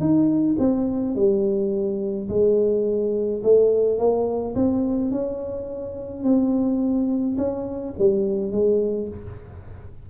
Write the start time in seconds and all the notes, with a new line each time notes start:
0.00 D#4
0.59 C4
1.15 G3
2.29 G#3
3.43 A3
3.98 A#3
4.55 C4
5.11 C#4
6.24 C4
7.38 C#4
7.98 G3
8.51 G#3